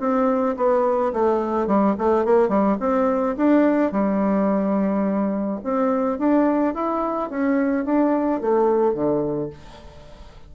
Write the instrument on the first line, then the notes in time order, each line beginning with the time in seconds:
bassoon
0.00 C4
0.57 B3
1.13 A3
1.67 G3
1.98 A3
2.25 A#3
2.49 G3
2.80 C4
3.37 D4
3.92 G3
5.64 C4
6.19 D4
6.74 E4
7.30 C#4
7.85 D4
8.41 A3
8.94 D3